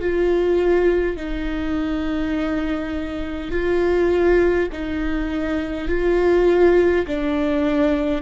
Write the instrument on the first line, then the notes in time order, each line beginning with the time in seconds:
viola
0.00 F4
1.16 D#4
3.50 F4
4.72 D#4
5.88 F4
7.06 D4